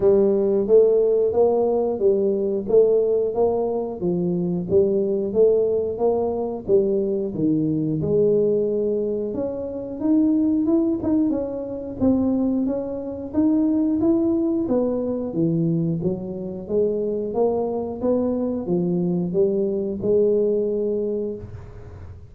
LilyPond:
\new Staff \with { instrumentName = "tuba" } { \time 4/4 \tempo 4 = 90 g4 a4 ais4 g4 | a4 ais4 f4 g4 | a4 ais4 g4 dis4 | gis2 cis'4 dis'4 |
e'8 dis'8 cis'4 c'4 cis'4 | dis'4 e'4 b4 e4 | fis4 gis4 ais4 b4 | f4 g4 gis2 | }